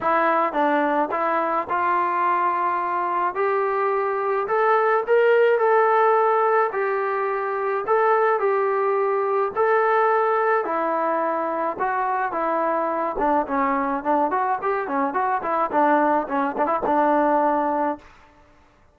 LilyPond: \new Staff \with { instrumentName = "trombone" } { \time 4/4 \tempo 4 = 107 e'4 d'4 e'4 f'4~ | f'2 g'2 | a'4 ais'4 a'2 | g'2 a'4 g'4~ |
g'4 a'2 e'4~ | e'4 fis'4 e'4. d'8 | cis'4 d'8 fis'8 g'8 cis'8 fis'8 e'8 | d'4 cis'8 d'16 e'16 d'2 | }